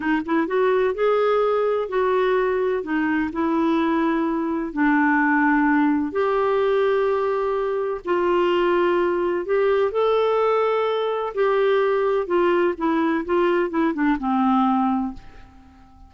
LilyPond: \new Staff \with { instrumentName = "clarinet" } { \time 4/4 \tempo 4 = 127 dis'8 e'8 fis'4 gis'2 | fis'2 dis'4 e'4~ | e'2 d'2~ | d'4 g'2.~ |
g'4 f'2. | g'4 a'2. | g'2 f'4 e'4 | f'4 e'8 d'8 c'2 | }